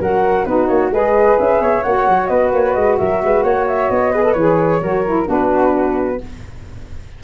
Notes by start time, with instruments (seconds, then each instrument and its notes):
0.00 tuba F#3, saxophone F#4, flute A#4 F#5
0.45 tuba B3, saxophone D#4, flute F#4 B4
0.67 tuba A#3, flute C#5
0.91 tuba G#3, saxophone G#4, flute B4 D#5
1.39 tuba C#4, flute E5
1.60 tuba B3, flute C#5
1.83 tuba A#3, saxophone F#4, flute F#5
2.08 tuba F#3
2.27 tuba B3, flute B4 D#5
2.53 tuba A#3, flute C#5
2.74 tuba G#3, flute D#5
2.98 tuba F#3, flute A#4 E5
3.24 tuba G#3, flute B4
3.43 tuba A#3, flute C#5 F#5
3.68 flute E5
3.90 tuba B3, flute D#5
4.12 saxophone G#4, flute B4
4.24 saxophone A4
4.33 tuba E3, saxophone G#4, flute C#5
4.81 tuba F#3, saxophone F#4, flute A#4
5.06 saxophone E4
5.26 tuba B3, saxophone D4, flute F#4
5.32 flute B4